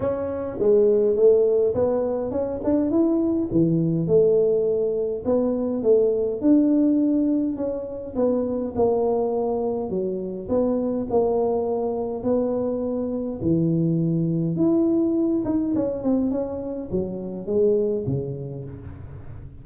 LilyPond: \new Staff \with { instrumentName = "tuba" } { \time 4/4 \tempo 4 = 103 cis'4 gis4 a4 b4 | cis'8 d'8 e'4 e4 a4~ | a4 b4 a4 d'4~ | d'4 cis'4 b4 ais4~ |
ais4 fis4 b4 ais4~ | ais4 b2 e4~ | e4 e'4. dis'8 cis'8 c'8 | cis'4 fis4 gis4 cis4 | }